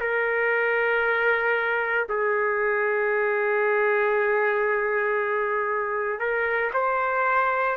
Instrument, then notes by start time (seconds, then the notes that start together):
trumpet
0.00 A#4
2.09 G#4
6.19 A#4
6.73 C5